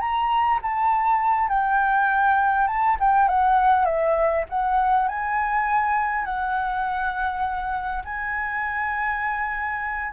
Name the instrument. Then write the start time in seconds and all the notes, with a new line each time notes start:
flute
0.00 A#5
0.62 A5
1.48 G5
2.67 A5
2.99 G5
3.28 F#5
3.85 E5
4.49 F#5
5.08 G#5
6.25 F#5
8.04 G#5